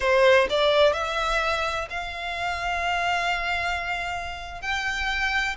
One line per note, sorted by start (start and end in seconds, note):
0.00 0.47 C5
0.49 0.93 D5
0.93 1.87 E5
1.90 4.61 F5
4.61 5.56 G5